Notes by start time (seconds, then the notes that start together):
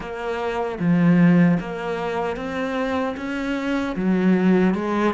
0.00 A#3
0.79 F3
1.60 A#3
2.36 C4
3.16 C#4
3.95 F#3
4.74 G#3